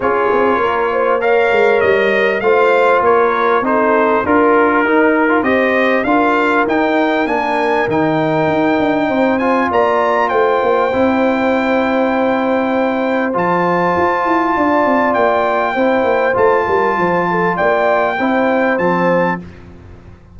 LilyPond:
<<
  \new Staff \with { instrumentName = "trumpet" } { \time 4/4 \tempo 4 = 99 cis''2 f''4 dis''4 | f''4 cis''4 c''4 ais'4~ | ais'4 dis''4 f''4 g''4 | gis''4 g''2~ g''8 gis''8 |
ais''4 g''2.~ | g''2 a''2~ | a''4 g''2 a''4~ | a''4 g''2 a''4 | }
  \new Staff \with { instrumentName = "horn" } { \time 4/4 gis'4 ais'8 c''8 cis''2 | c''4 ais'4 a'4 ais'4~ | ais'4 c''4 ais'2~ | ais'2. c''4 |
d''4 c''2.~ | c''1 | d''2 c''4. ais'8 | c''8 a'8 d''4 c''2 | }
  \new Staff \with { instrumentName = "trombone" } { \time 4/4 f'2 ais'2 | f'2 dis'4 f'4 | dis'8. f'16 g'4 f'4 dis'4 | d'4 dis'2~ dis'8 f'8~ |
f'2 e'2~ | e'2 f'2~ | f'2 e'4 f'4~ | f'2 e'4 c'4 | }
  \new Staff \with { instrumentName = "tuba" } { \time 4/4 cis'8 c'8 ais4. gis8 g4 | a4 ais4 c'4 d'4 | dis'4 c'4 d'4 dis'4 | ais4 dis4 dis'8 d'8 c'4 |
ais4 a8 ais8 c'2~ | c'2 f4 f'8 e'8 | d'8 c'8 ais4 c'8 ais8 a8 g8 | f4 ais4 c'4 f4 | }
>>